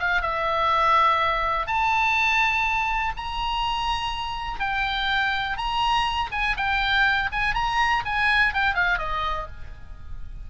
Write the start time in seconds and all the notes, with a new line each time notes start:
0.00 F5
0.22 E5
1.67 A5
3.17 A#5
4.60 G5
5.58 A#5
6.32 G#5
6.57 G5
7.33 G#5
7.55 A#5
8.06 G#5
8.54 G5
8.75 F5
8.99 D#5